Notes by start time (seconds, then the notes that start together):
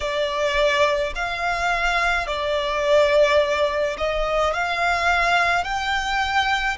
0.00 D5
1.15 F5
2.26 D5
3.97 D#5
4.53 F5
5.63 G5